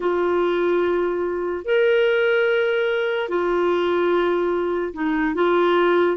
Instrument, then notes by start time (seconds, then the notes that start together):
clarinet
0.00 F4
1.64 A#4
3.29 F4
4.93 D#4
5.34 F4